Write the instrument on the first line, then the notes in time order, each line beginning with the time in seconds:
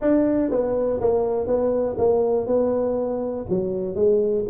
tuba
0.01 D4
0.50 B3
1.00 A#3
1.46 B3
1.97 A#3
2.46 B3
3.49 F#3
3.95 G#3